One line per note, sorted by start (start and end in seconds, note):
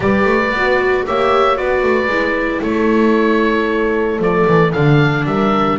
0.00 0.24 G3
0.00 0.51 G4
0.00 1.06 B4
0.00 1.05 D5
0.24 0.51 A3
0.51 1.03 B3
0.51 1.06 F#4
1.06 1.58 A#3
1.06 1.55 G4
1.06 1.57 C#5
1.06 1.57 E5
1.55 1.82 B3
1.55 2.08 F#4
1.55 2.63 B4
1.55 2.62 D5
1.82 2.07 A3
2.07 2.59 G#3
2.07 4.19 E4
2.61 4.19 A3
2.61 5.26 A4
2.61 4.20 C#5
4.19 4.45 F3
4.19 4.72 A3
4.19 4.72 D5
4.47 4.74 E3
4.72 5.25 D3
4.72 5.78 D4
4.72 5.25 F5
5.25 5.77 G3
5.25 5.78 A#4
5.25 5.78 E5